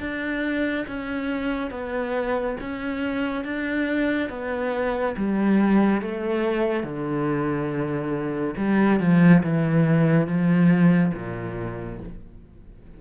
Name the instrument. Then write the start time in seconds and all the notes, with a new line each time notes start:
cello
0.00 D4
0.88 C#4
1.71 B3
2.61 C#4
3.45 D4
4.30 B3
5.17 G3
6.02 A3
6.83 D3
8.57 G3
9.00 F3
9.43 E3
10.27 F3
11.14 A#2